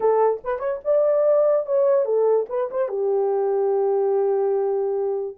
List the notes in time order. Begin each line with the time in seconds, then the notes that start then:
0.00 A4
0.44 B4
0.59 C#5
0.84 D5
1.66 C#5
2.05 A4
2.49 B4
2.70 C5
2.88 G4